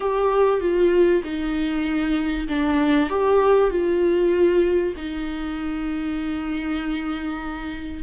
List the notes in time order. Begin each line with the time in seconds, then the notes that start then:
0.00 G4
0.60 F4
1.23 D#4
2.48 D4
3.09 G4
3.70 F4
4.96 D#4